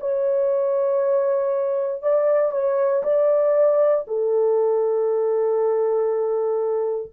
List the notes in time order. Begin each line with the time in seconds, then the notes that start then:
0.00 C#5
2.02 D5
2.52 C#5
3.03 D5
4.07 A4